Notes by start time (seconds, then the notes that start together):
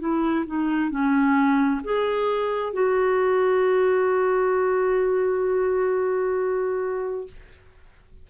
0.00 E4
0.47 D#4
0.90 C#4
1.84 G#4
2.74 F#4